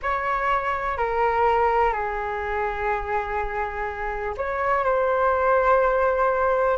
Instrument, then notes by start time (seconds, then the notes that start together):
flute
0.02 C#5
0.97 A#4
1.92 G#4
4.37 C#5
4.84 C5